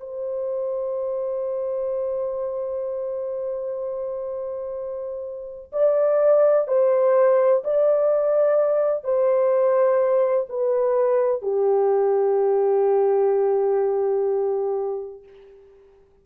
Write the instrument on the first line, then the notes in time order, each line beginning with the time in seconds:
horn
0.00 C5
5.72 D5
6.67 C5
7.64 D5
9.04 C5
10.49 B4
11.42 G4